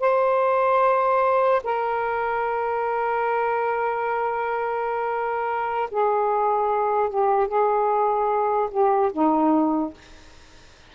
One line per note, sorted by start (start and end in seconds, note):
0.00 1.62 C5
1.64 5.90 A#4
5.91 7.10 G#4
7.10 7.48 G4
7.48 8.69 G#4
8.71 9.12 G4
9.13 9.94 D#4